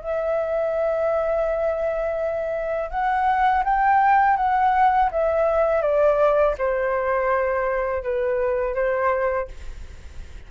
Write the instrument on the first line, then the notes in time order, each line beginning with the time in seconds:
flute
0.00 E5
2.90 F#5
3.64 G5
4.37 F#5
5.11 E5
5.82 D5
6.58 C5
8.03 B4
8.75 C5